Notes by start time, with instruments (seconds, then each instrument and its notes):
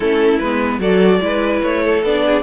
0.00 cello A3, viola C#4, violin E4 A4
0.39 cello G#3, viola B3, violin B4
0.79 cello F#3, viola F#4, violin A4 D5
1.20 cello G#3, viola E4, violin B4
1.62 cello A3, violin C#5
1.84 violin A4
2.02 cello B3, viola D4, violin D5
2.25 violin G#4